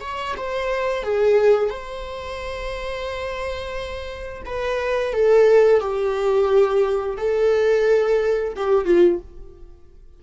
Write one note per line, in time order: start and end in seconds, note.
0.00 0.34 C#5
0.37 1.03 C5
1.03 1.70 G#4
1.70 4.43 C5
4.45 5.13 B4
5.13 5.80 A4
5.80 7.17 G4
7.17 8.54 A4
8.56 8.85 G4
8.85 9.19 F4